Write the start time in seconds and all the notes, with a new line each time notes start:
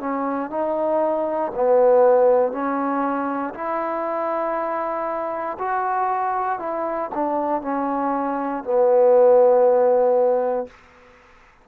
0.00 C#4
0.50 D#4
1.55 B3
2.52 C#4
3.54 E4
5.59 F#4
6.59 E4
7.15 D4
7.62 C#4
8.64 B3